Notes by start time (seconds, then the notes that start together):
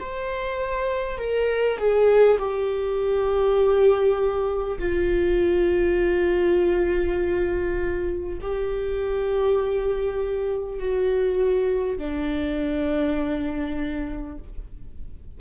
0.00 C5
1.19 A#4
1.78 G#4
2.39 G4
4.79 F4
8.42 G4
10.80 F#4
11.98 D4